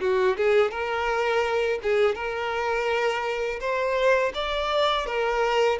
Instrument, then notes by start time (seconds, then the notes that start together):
violin
0.00 F#4
0.37 G#4
0.71 A#4
1.82 G#4
2.15 A#4
3.60 C5
4.34 D5
5.06 A#4